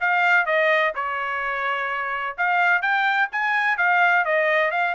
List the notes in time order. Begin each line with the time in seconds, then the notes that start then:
0.00 F5
0.45 D#5
0.95 C#5
2.37 F5
2.82 G5
3.32 G#5
3.77 F5
4.25 D#5
4.71 F5